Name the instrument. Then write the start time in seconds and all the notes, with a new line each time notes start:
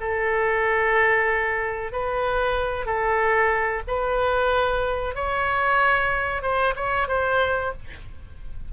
oboe
0.00 A4
1.92 B4
2.86 A4
3.87 B4
5.15 C#5
6.42 C5
6.76 C#5
7.08 C5